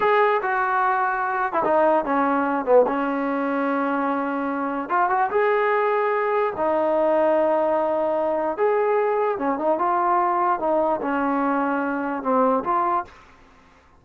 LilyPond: \new Staff \with { instrumentName = "trombone" } { \time 4/4 \tempo 4 = 147 gis'4 fis'2~ fis'8. e'16 | dis'4 cis'4. b8 cis'4~ | cis'1 | f'8 fis'8 gis'2. |
dis'1~ | dis'4 gis'2 cis'8 dis'8 | f'2 dis'4 cis'4~ | cis'2 c'4 f'4 | }